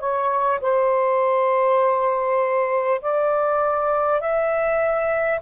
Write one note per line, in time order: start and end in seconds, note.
0.00 0.60 C#5
0.62 3.02 C5
3.02 4.21 D5
4.21 5.41 E5